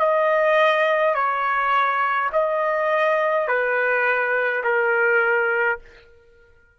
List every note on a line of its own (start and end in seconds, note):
0.00 1.15 D#5
1.15 2.30 C#5
2.33 3.48 D#5
3.48 4.63 B4
4.64 5.80 A#4